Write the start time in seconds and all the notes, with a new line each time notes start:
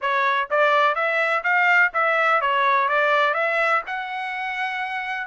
0.01 C#5
0.50 D5
0.95 E5
1.43 F5
1.93 E5
2.41 C#5
2.88 D5
3.34 E5
3.86 F#5